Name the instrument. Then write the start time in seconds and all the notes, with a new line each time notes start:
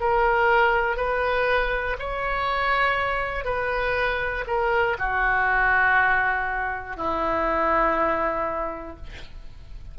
oboe
0.00 A#4
0.96 B4
1.99 C#5
3.45 B4
4.47 A#4
4.99 F#4
6.96 E4